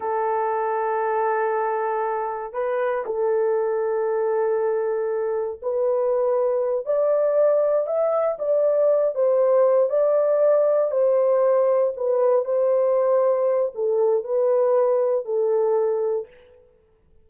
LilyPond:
\new Staff \with { instrumentName = "horn" } { \time 4/4 \tempo 4 = 118 a'1~ | a'4 b'4 a'2~ | a'2. b'4~ | b'4. d''2 e''8~ |
e''8 d''4. c''4. d''8~ | d''4. c''2 b'8~ | b'8 c''2~ c''8 a'4 | b'2 a'2 | }